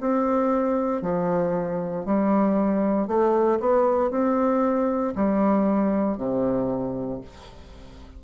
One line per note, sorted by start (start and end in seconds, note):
0.00 1.02 C4
1.02 2.05 F3
2.05 3.07 G3
3.07 3.59 A3
3.59 4.11 B3
4.11 5.14 C4
5.15 6.17 G3
6.17 7.20 C3